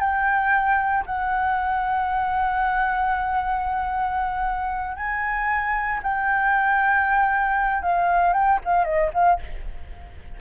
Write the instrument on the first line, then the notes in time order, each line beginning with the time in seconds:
flute
0.00 G5
1.06 F#5
4.97 G#5
6.03 G5
7.82 F5
8.33 G5
8.65 F5
8.84 D#5
9.14 F5